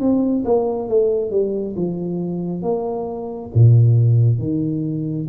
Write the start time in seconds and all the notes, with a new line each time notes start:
0.00 C4
0.45 A#3
0.89 A3
1.31 G3
1.76 F3
2.62 A#3
3.55 A#2
4.39 D#3